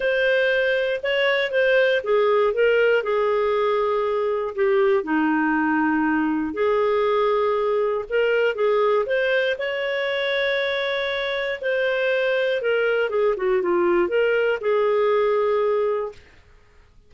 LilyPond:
\new Staff \with { instrumentName = "clarinet" } { \time 4/4 \tempo 4 = 119 c''2 cis''4 c''4 | gis'4 ais'4 gis'2~ | gis'4 g'4 dis'2~ | dis'4 gis'2. |
ais'4 gis'4 c''4 cis''4~ | cis''2. c''4~ | c''4 ais'4 gis'8 fis'8 f'4 | ais'4 gis'2. | }